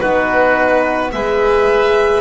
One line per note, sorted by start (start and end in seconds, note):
0.00 1.13 B3
0.00 1.12 D#4
0.00 1.12 F#4
0.00 1.11 B4
1.12 2.21 G#3
1.12 2.21 G#4
1.12 2.21 B4
1.12 2.21 E5